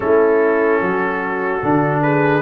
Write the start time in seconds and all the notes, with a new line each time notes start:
0.00 A3 C#4 E4 A4
0.80 F#3 F#4
1.62 D3 D4
2.02 G#4 B4